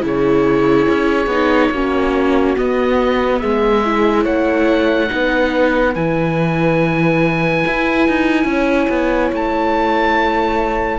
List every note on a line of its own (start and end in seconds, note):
0.00 0.87 C#3
0.00 1.27 E4
0.00 1.71 G#4
0.06 2.57 C#5
0.88 1.26 C#4
1.26 1.69 B3
1.26 1.73 D#4
1.71 2.55 A#3
1.71 2.56 C#4
1.71 3.39 F#4
2.56 3.83 B3
2.56 3.43 B3
2.56 3.39 D#5
3.39 4.25 G#3
3.39 4.23 G#4
3.39 4.24 E5
3.85 5.08 E4
4.23 5.10 A3
4.23 5.07 C#5
4.23 5.94 F#5
5.08 5.95 B3
5.08 5.92 D#4
5.08 8.49 B4
5.95 7.64 E3
5.95 10.99 E4
5.95 9.33 G#5
7.67 8.08 E4
8.08 8.44 D#4
8.44 8.87 C#4
8.44 10.99 C#5
8.89 9.32 B3
9.32 10.99 A3
9.32 10.99 A5